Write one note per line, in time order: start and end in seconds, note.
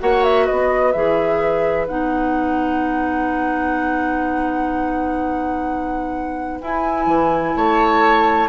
0.00 0.49 A#3
0.00 0.94 F#4
0.00 0.46 C#5
0.00 0.24 F#5
0.24 0.47 E5
0.46 0.95 B3
0.46 7.55 B4
0.46 0.92 D#5
0.92 1.89 E3
0.92 1.88 G#4
0.92 1.87 E5
1.88 6.61 B3
1.88 6.61 D#4
1.88 6.60 F#5
6.61 7.07 E4
6.61 8.49 E4
6.61 7.56 G#5
7.07 7.54 E3
7.56 8.49 A3
7.56 8.49 C#5
7.56 8.49 A5